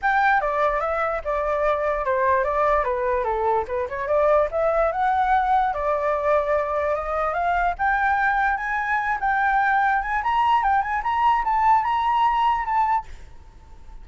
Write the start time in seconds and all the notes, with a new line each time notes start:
0.02 G5
0.40 D5
0.80 E5
1.24 D5
2.05 C5
2.44 D5
2.83 B4
3.24 A4
3.67 B4
3.88 C#5
4.07 D5
4.51 E5
4.92 F#5
5.73 D5
6.94 D#5
7.33 F5
7.78 G5
8.57 G#5
9.20 G5
10.01 G#5
10.23 A#5
10.63 G5
10.81 G#5
11.03 A#5
11.44 A5
11.83 A#5
12.65 A5